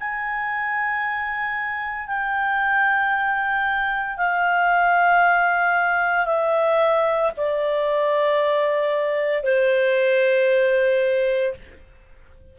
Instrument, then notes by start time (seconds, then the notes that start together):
clarinet
0.00 G#5
2.08 G5
4.17 F5
6.26 E5
7.37 D5
9.44 C5